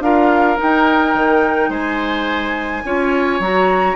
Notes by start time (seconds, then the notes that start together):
0.00 D4 F4 A#4 F5
0.57 D#4 G5
1.14 D#3
1.69 G#3 C5 G#5
2.84 C#4 F4 C#5
3.40 F#3 F#4 A#5